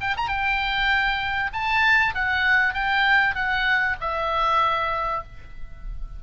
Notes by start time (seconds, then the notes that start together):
0.00 G5
0.16 A#5
0.28 G5
1.53 A5
2.14 F#5
2.73 G5
3.35 F#5
4.00 E5